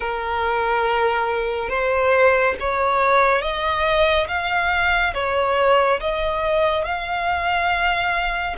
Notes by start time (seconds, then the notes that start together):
0.00 A#4
1.69 C5
2.59 C#5
3.41 D#5
4.27 F5
5.14 C#5
6.00 D#5
6.84 F5